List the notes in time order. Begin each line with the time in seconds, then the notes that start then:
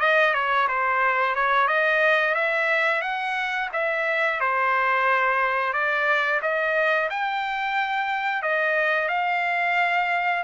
0.00 D#5
0.34 C#5
0.68 C5
1.35 C#5
1.67 D#5
2.34 E5
3.02 F#5
3.73 E5
4.40 C5
5.73 D5
6.42 D#5
7.10 G5
8.42 D#5
9.08 F5